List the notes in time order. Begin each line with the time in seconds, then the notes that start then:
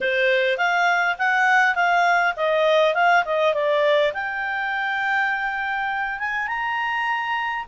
0.00 C5
0.57 F5
1.18 F#5
1.75 F5
2.36 D#5
2.94 F5
3.25 D#5
3.53 D5
4.13 G5
6.19 G#5
6.47 A#5